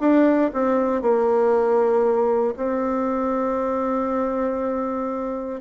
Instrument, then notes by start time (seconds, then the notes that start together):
bassoon
0.00 D4
0.53 C4
1.02 A#3
2.57 C4